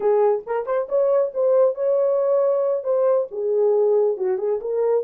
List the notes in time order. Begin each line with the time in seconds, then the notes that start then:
0.00 G#4
0.46 A#4
0.65 C5
0.88 C#5
1.34 C5
1.74 C#5
2.83 C5
3.31 G#4
4.17 F#4
4.38 G#4
4.60 A#4